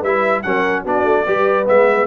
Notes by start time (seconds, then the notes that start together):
0.00 G3 E4 B4 E5
0.42 F#3 C#4 A#4 F#5
0.82 B3 D4 F#4 D5
1.03 A3
1.25 G3 G4 B4
1.66 G#3 B3 E5